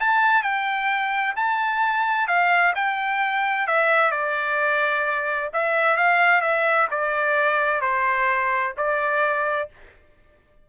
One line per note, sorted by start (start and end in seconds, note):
0.00 0.43 A5
0.43 1.35 G5
1.36 2.28 A5
2.28 2.74 F5
2.75 3.67 G5
3.67 4.12 E5
4.12 5.50 D5
5.53 5.97 E5
5.97 6.42 F5
6.42 6.88 E5
6.91 7.82 D5
7.82 8.74 C5
8.77 9.70 D5